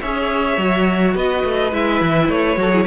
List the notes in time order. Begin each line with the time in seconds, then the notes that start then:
0.00 C#4 G#4 C#5 E5
0.57 F#3 F#4
1.14 B3 B4 D#5
1.43 A3
1.72 G#3 E4 E5
2.01 E3
2.28 A3 C#5
2.57 F#3 F#4 A4
2.70 E4 G#4